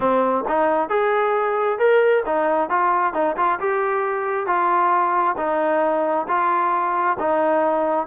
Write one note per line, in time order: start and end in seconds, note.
0.00 0.44 C4
0.48 0.89 D#4
0.89 1.78 G#4
1.78 2.23 A#4
2.26 2.69 D#4
2.69 3.13 F4
3.13 3.36 D#4
3.36 3.59 F4
3.59 4.46 G4
4.46 5.36 F4
5.37 6.26 D#4
6.27 7.17 F4
7.19 8.06 D#4